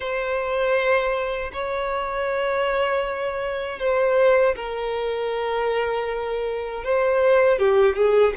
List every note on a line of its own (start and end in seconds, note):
0.00 1.51 C5
1.52 3.79 C#5
3.79 4.55 C5
4.56 6.84 A#4
6.84 7.58 C5
7.58 7.95 G4
7.95 8.33 G#4